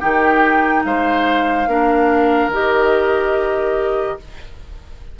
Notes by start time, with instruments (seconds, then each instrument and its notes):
0.00 bassoon D#3, clarinet D#4, oboe G4, flute G5
0.85 bassoon G#3, oboe C5, flute F5
1.67 bassoon A#3, clarinet D4, oboe A#4
2.48 bassoon D#3, clarinet G4, flute D#5